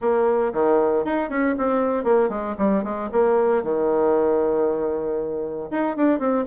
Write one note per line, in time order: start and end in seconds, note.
0.01 0.52 A#3
0.53 1.04 D#3
1.04 1.29 D#4
1.29 1.55 C#4
1.58 2.04 C4
2.04 2.29 A#3
2.29 2.55 G#3
2.58 2.83 G3
2.83 3.09 G#3
3.12 3.63 A#3
3.63 5.70 D#3
5.70 5.96 D#4
5.96 6.19 D4
6.19 6.45 C4